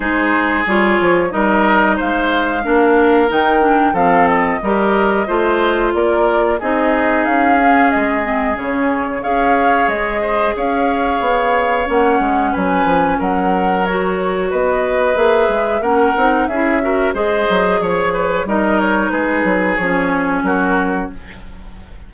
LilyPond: <<
  \new Staff \with { instrumentName = "flute" } { \time 4/4 \tempo 4 = 91 c''4 cis''4 dis''4 f''4~ | f''4 g''4 f''8 dis''4.~ | dis''4 d''4 dis''4 f''4 | dis''4 cis''4 f''4 dis''4 |
f''2 fis''4 gis''4 | fis''4 cis''4 dis''4 e''4 | fis''4 e''4 dis''4 cis''4 | dis''8 cis''8 b'4 cis''4 ais'4 | }
  \new Staff \with { instrumentName = "oboe" } { \time 4/4 gis'2 ais'4 c''4 | ais'2 a'4 ais'4 | c''4 ais'4 gis'2~ | gis'2 cis''4. c''8 |
cis''2. b'4 | ais'2 b'2 | ais'4 gis'8 ais'8 c''4 cis''8 b'8 | ais'4 gis'2 fis'4 | }
  \new Staff \with { instrumentName = "clarinet" } { \time 4/4 dis'4 f'4 dis'2 | d'4 dis'8 d'8 c'4 g'4 | f'2 dis'4. cis'8~ | cis'8 c'8 cis'4 gis'2~ |
gis'2 cis'2~ | cis'4 fis'2 gis'4 | cis'8 dis'8 e'8 fis'8 gis'2 | dis'2 cis'2 | }
  \new Staff \with { instrumentName = "bassoon" } { \time 4/4 gis4 g8 f8 g4 gis4 | ais4 dis4 f4 g4 | a4 ais4 c'4 cis'4 | gis4 cis4 cis'4 gis4 |
cis'4 b4 ais8 gis8 fis8 f8 | fis2 b4 ais8 gis8 | ais8 c'8 cis'4 gis8 fis8 f4 | g4 gis8 fis8 f4 fis4 | }
>>